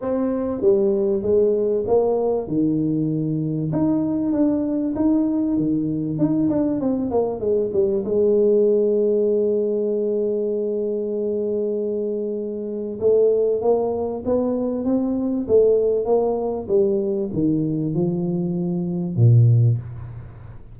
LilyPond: \new Staff \with { instrumentName = "tuba" } { \time 4/4 \tempo 4 = 97 c'4 g4 gis4 ais4 | dis2 dis'4 d'4 | dis'4 dis4 dis'8 d'8 c'8 ais8 | gis8 g8 gis2.~ |
gis1~ | gis4 a4 ais4 b4 | c'4 a4 ais4 g4 | dis4 f2 ais,4 | }